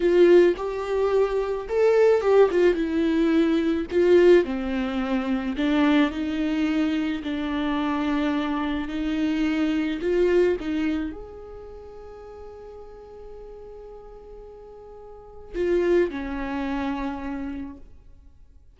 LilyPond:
\new Staff \with { instrumentName = "viola" } { \time 4/4 \tempo 4 = 108 f'4 g'2 a'4 | g'8 f'8 e'2 f'4 | c'2 d'4 dis'4~ | dis'4 d'2. |
dis'2 f'4 dis'4 | gis'1~ | gis'1 | f'4 cis'2. | }